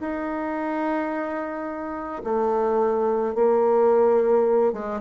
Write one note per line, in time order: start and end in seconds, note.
0.00 2.22 D#4
2.24 3.35 A3
3.35 4.73 A#3
4.73 5.01 G#3